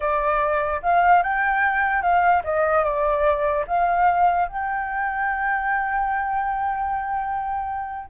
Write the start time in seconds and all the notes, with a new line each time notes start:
0.00 D5
0.82 F5
1.23 G5
2.02 F5
2.43 D#5
2.84 D5
3.67 F5
4.48 G5